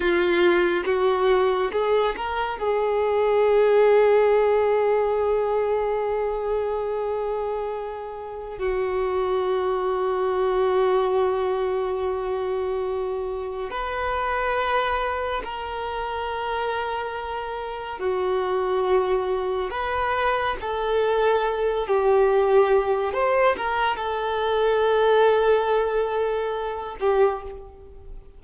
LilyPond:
\new Staff \with { instrumentName = "violin" } { \time 4/4 \tempo 4 = 70 f'4 fis'4 gis'8 ais'8 gis'4~ | gis'1~ | gis'2 fis'2~ | fis'1 |
b'2 ais'2~ | ais'4 fis'2 b'4 | a'4. g'4. c''8 ais'8 | a'2.~ a'8 g'8 | }